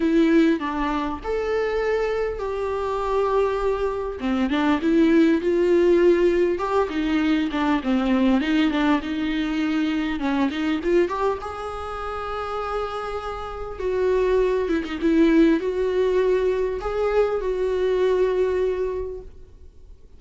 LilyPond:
\new Staff \with { instrumentName = "viola" } { \time 4/4 \tempo 4 = 100 e'4 d'4 a'2 | g'2. c'8 d'8 | e'4 f'2 g'8 dis'8~ | dis'8 d'8 c'4 dis'8 d'8 dis'4~ |
dis'4 cis'8 dis'8 f'8 g'8 gis'4~ | gis'2. fis'4~ | fis'8 e'16 dis'16 e'4 fis'2 | gis'4 fis'2. | }